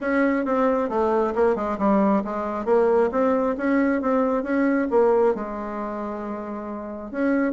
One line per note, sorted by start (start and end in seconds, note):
0.01 0.45 C#4
0.45 0.89 C4
0.89 1.33 A3
1.35 1.55 A#3
1.55 1.77 G#3
1.78 2.23 G3
2.24 2.65 G#3
2.65 3.09 A#3
3.11 3.56 C4
3.57 4.01 C#4
4.01 4.43 C4
4.43 4.87 C#4
4.90 5.34 A#3
5.34 7.11 G#3
7.11 7.52 C#4